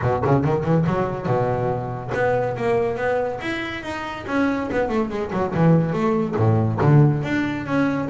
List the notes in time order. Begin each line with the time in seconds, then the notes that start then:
0.02 B2
0.24 C#3
0.44 D#3
0.63 E3
0.86 F#3
1.26 B2
2.14 B3
2.56 A#3
2.96 B3
3.41 E4
3.82 D#4
4.27 C#4
4.71 B3
4.88 A3
5.09 G#3
5.32 F#3
5.54 E3
5.92 A3
6.36 A2
6.81 D3
7.23 D4
7.65 C#4